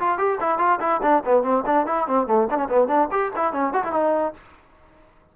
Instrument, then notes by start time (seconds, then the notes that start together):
trombone
0.00 F4
0.18 G4
0.41 E4
0.59 F4
0.81 E4
1.03 D4
1.26 B3
1.43 C4
1.66 D4
1.87 E4
2.07 C4
2.27 A3
2.51 D4
2.58 C#4
2.70 B3
2.88 D4
3.11 G4
3.36 E4
3.53 C#4
3.74 F#4
3.85 E4
3.93 D#4